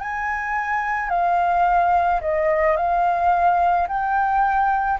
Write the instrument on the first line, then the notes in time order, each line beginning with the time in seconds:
flute
0.00 G#5
1.09 F5
2.21 D#5
2.76 F5
3.87 G5